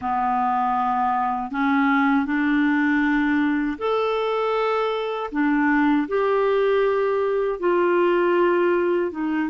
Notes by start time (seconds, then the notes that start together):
0.01 B3
1.51 C#4
2.25 D4
3.78 A4
5.31 D4
6.08 G4
7.59 F4
9.11 D#4